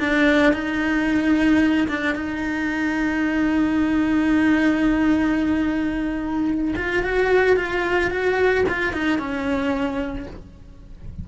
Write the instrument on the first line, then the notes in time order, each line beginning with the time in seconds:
cello
0.00 D4
0.53 D#4
1.88 D4
2.15 D#4
6.76 F4
7.03 F#4
7.57 F4
8.11 F#4
8.69 F4
8.93 D#4
9.19 C#4